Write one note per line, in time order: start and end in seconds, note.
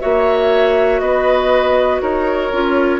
0.00 1.00 A#3
0.00 2.50 F#4
0.00 1.01 C#5
0.00 1.00 E5
1.00 2.00 B3
1.00 2.01 B4
1.00 2.00 D#5
2.01 2.51 D#4
2.01 3.00 A#4
2.01 3.00 C#5
2.52 3.00 C#4
2.52 3.00 F4